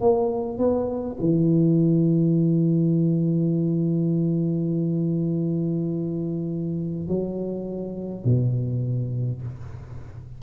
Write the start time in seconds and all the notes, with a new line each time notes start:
0.00 A#3
0.57 B3
1.20 E3
7.08 F#3
8.24 B2